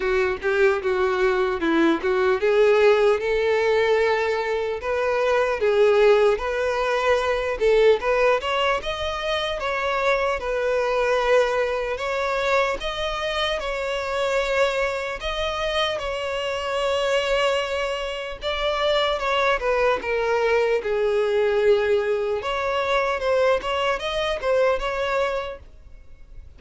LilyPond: \new Staff \with { instrumentName = "violin" } { \time 4/4 \tempo 4 = 75 fis'8 g'8 fis'4 e'8 fis'8 gis'4 | a'2 b'4 gis'4 | b'4. a'8 b'8 cis''8 dis''4 | cis''4 b'2 cis''4 |
dis''4 cis''2 dis''4 | cis''2. d''4 | cis''8 b'8 ais'4 gis'2 | cis''4 c''8 cis''8 dis''8 c''8 cis''4 | }